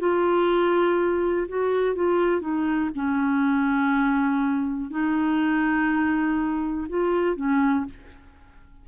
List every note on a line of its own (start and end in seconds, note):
0.00 1.48 F4
1.48 1.96 F#4
1.96 2.41 F4
2.41 2.90 D#4
2.96 4.91 C#4
4.91 6.88 D#4
6.89 7.36 F4
7.36 7.86 C#4